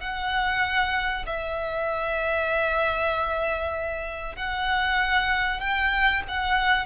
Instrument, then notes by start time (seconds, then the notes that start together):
violin
0.00 F#5
1.26 E5
4.36 F#5
5.60 G5
6.28 F#5